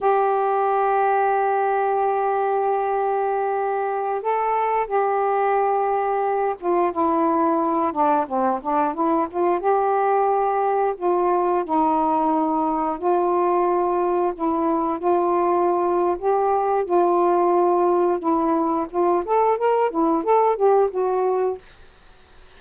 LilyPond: \new Staff \with { instrumentName = "saxophone" } { \time 4/4 \tempo 4 = 89 g'1~ | g'2~ g'16 a'4 g'8.~ | g'4.~ g'16 f'8 e'4. d'16~ | d'16 c'8 d'8 e'8 f'8 g'4.~ g'16~ |
g'16 f'4 dis'2 f'8.~ | f'4~ f'16 e'4 f'4.~ f'16 | g'4 f'2 e'4 | f'8 a'8 ais'8 e'8 a'8 g'8 fis'4 | }